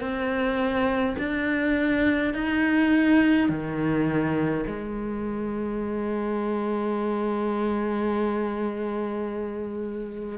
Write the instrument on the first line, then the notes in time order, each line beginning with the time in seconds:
cello
0.00 C4
1.18 D4
2.33 D#4
3.49 D#3
4.66 G#3